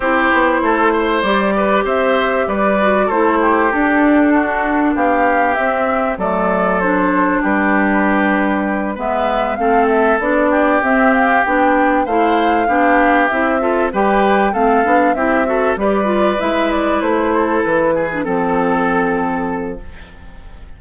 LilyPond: <<
  \new Staff \with { instrumentName = "flute" } { \time 4/4 \tempo 4 = 97 c''2 d''4 e''4 | d''4 c''4 a'2 | f''4 e''4 d''4 c''4 | b'2~ b'8 e''4 f''8 |
e''8 d''4 e''8 f''8 g''4 f''8~ | f''4. e''4 g''4 f''8~ | f''8 e''4 d''4 e''8 d''8 c''8~ | c''8 b'4 a'2~ a'8 | }
  \new Staff \with { instrumentName = "oboe" } { \time 4/4 g'4 a'8 c''4 b'8 c''4 | b'4 a'8 g'4. fis'4 | g'2 a'2 | g'2~ g'8 b'4 a'8~ |
a'4 g'2~ g'8 c''8~ | c''8 g'4. a'8 b'4 a'8~ | a'8 g'8 a'8 b'2~ b'8 | a'4 gis'8 a'2~ a'8 | }
  \new Staff \with { instrumentName = "clarinet" } { \time 4/4 e'2 g'2~ | g'8 fis'8 e'4 d'2~ | d'4 c'4 a4 d'4~ | d'2~ d'8 b4 c'8~ |
c'8 d'4 c'4 d'4 e'8~ | e'8 d'4 e'8 f'8 g'4 c'8 | d'8 e'8 fis'8 g'8 f'8 e'4.~ | e'4~ e'16 d'16 c'2~ c'8 | }
  \new Staff \with { instrumentName = "bassoon" } { \time 4/4 c'8 b8 a4 g4 c'4 | g4 a4 d'2 | b4 c'4 fis2 | g2~ g8 gis4 a8~ |
a8 b4 c'4 b4 a8~ | a8 b4 c'4 g4 a8 | b8 c'4 g4 gis4 a8~ | a8 e4 f2~ f8 | }
>>